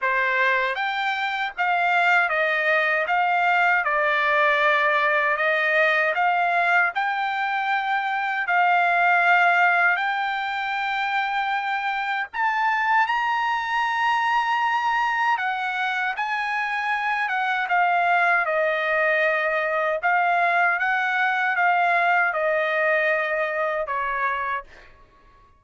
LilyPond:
\new Staff \with { instrumentName = "trumpet" } { \time 4/4 \tempo 4 = 78 c''4 g''4 f''4 dis''4 | f''4 d''2 dis''4 | f''4 g''2 f''4~ | f''4 g''2. |
a''4 ais''2. | fis''4 gis''4. fis''8 f''4 | dis''2 f''4 fis''4 | f''4 dis''2 cis''4 | }